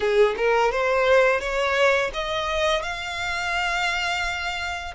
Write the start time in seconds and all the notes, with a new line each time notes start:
0.00 G#4
0.37 A#4
0.71 C5
1.40 C#5
2.13 D#5
2.82 F5